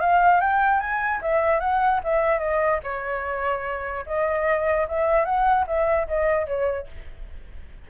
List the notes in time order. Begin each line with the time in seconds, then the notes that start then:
0.00 F5
0.40 G5
0.80 G#5
1.21 E5
1.60 F#5
2.03 E5
2.39 D#5
2.83 C#5
4.06 D#5
4.88 E5
5.25 F#5
5.67 E5
6.07 D#5
6.46 C#5